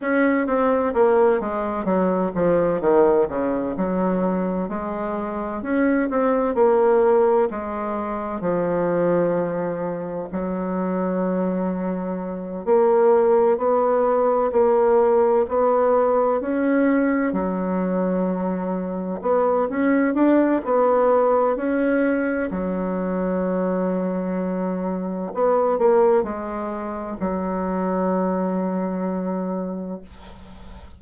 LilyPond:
\new Staff \with { instrumentName = "bassoon" } { \time 4/4 \tempo 4 = 64 cis'8 c'8 ais8 gis8 fis8 f8 dis8 cis8 | fis4 gis4 cis'8 c'8 ais4 | gis4 f2 fis4~ | fis4. ais4 b4 ais8~ |
ais8 b4 cis'4 fis4.~ | fis8 b8 cis'8 d'8 b4 cis'4 | fis2. b8 ais8 | gis4 fis2. | }